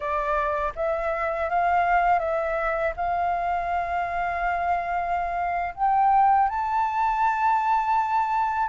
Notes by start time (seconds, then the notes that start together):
0.00 D5
0.75 E5
1.49 F5
2.19 E5
2.96 F5
5.74 G5
6.48 A5